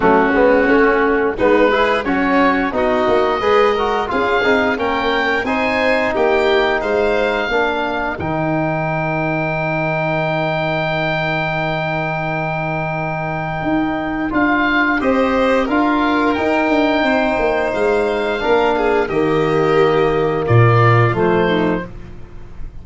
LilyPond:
<<
  \new Staff \with { instrumentName = "oboe" } { \time 4/4 \tempo 4 = 88 fis'2 b'4 cis''4 | dis''2 f''4 g''4 | gis''4 g''4 f''2 | g''1~ |
g''1~ | g''4 f''4 dis''4 f''4 | g''2 f''2 | dis''2 d''4 c''4 | }
  \new Staff \with { instrumentName = "violin" } { \time 4/4 cis'2 dis'8 gis'8 cis'4 | fis'4 b'8 ais'8 gis'4 ais'4 | c''4 g'4 c''4 ais'4~ | ais'1~ |
ais'1~ | ais'2 c''4 ais'4~ | ais'4 c''2 ais'8 gis'8 | g'2 f'4. dis'8 | }
  \new Staff \with { instrumentName = "trombone" } { \time 4/4 a8 b8 cis'4 b8 e'8 fis'4 | dis'4 gis'8 fis'8 f'8 dis'8 cis'4 | dis'2. d'4 | dis'1~ |
dis'1~ | dis'4 f'4 g'4 f'4 | dis'2. d'4 | ais2. a4 | }
  \new Staff \with { instrumentName = "tuba" } { \time 4/4 fis8 gis8 a4 gis4 fis4 | b8 ais8 gis4 cis'8 c'8 ais4 | c'4 ais4 gis4 ais4 | dis1~ |
dis1 | dis'4 d'4 c'4 d'4 | dis'8 d'8 c'8 ais8 gis4 ais4 | dis2 ais,4 f4 | }
>>